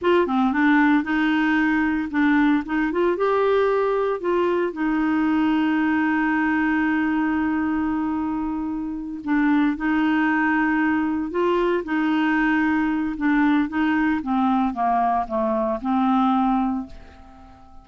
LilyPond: \new Staff \with { instrumentName = "clarinet" } { \time 4/4 \tempo 4 = 114 f'8 c'8 d'4 dis'2 | d'4 dis'8 f'8 g'2 | f'4 dis'2.~ | dis'1~ |
dis'4. d'4 dis'4.~ | dis'4. f'4 dis'4.~ | dis'4 d'4 dis'4 c'4 | ais4 a4 c'2 | }